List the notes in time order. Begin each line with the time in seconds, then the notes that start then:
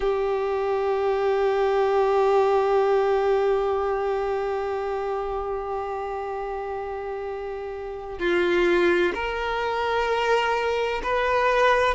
0.00 G4
8.18 F4
9.14 A#4
11.03 B4